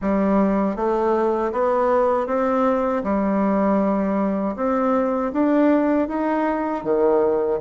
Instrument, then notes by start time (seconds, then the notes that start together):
bassoon
0.01 G3
0.76 A3
1.52 B3
2.26 C4
3.03 G3
4.56 C4
5.32 D4
6.08 D#4
6.83 D#3